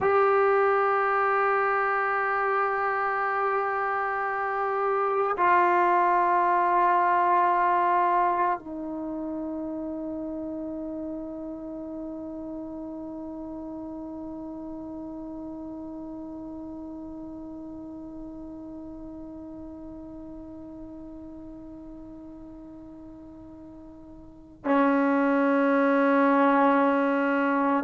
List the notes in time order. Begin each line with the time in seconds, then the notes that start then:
0.00 G4
5.37 F4
8.58 D#4
24.64 C#4